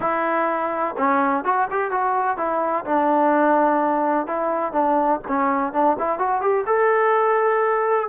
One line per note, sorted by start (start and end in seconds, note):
0.00 0.95 E4
0.97 1.44 C#4
1.44 1.68 F#4
1.70 1.91 G4
1.91 2.37 F#4
2.37 2.84 E4
2.85 4.27 D4
4.27 4.72 E4
4.72 5.20 D4
5.27 5.73 C#4
5.73 5.96 D4
5.98 6.19 E4
6.19 6.41 F#4
6.41 6.65 G4
6.66 8.08 A4